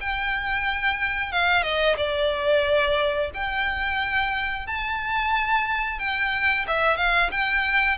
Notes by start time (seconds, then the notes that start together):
0.00 G5
1.32 F5
1.62 D#5
1.97 D5
3.34 G5
4.67 A5
5.98 G5
6.67 E5
6.97 F5
7.31 G5